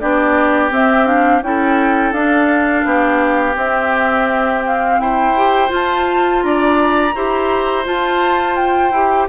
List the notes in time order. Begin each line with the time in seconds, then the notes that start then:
0.00 B3 D4 G4 D5
0.71 C4 E5
1.06 D4 F5
1.42 C#4 E4 A4 G5
2.12 D4 F5
2.86 B3 G4
3.54 C4 E5
4.66 F5
4.99 E4 C5 G5
5.36 G4
5.68 F4
5.75 A5
6.43 D4 D5 A#5
7.15 E4 G4 C5
7.85 F4 A5
8.56 G5
8.92 E4 G4